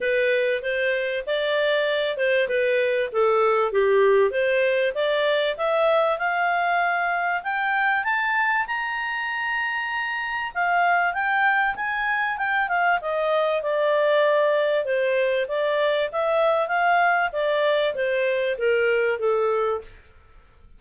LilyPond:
\new Staff \with { instrumentName = "clarinet" } { \time 4/4 \tempo 4 = 97 b'4 c''4 d''4. c''8 | b'4 a'4 g'4 c''4 | d''4 e''4 f''2 | g''4 a''4 ais''2~ |
ais''4 f''4 g''4 gis''4 | g''8 f''8 dis''4 d''2 | c''4 d''4 e''4 f''4 | d''4 c''4 ais'4 a'4 | }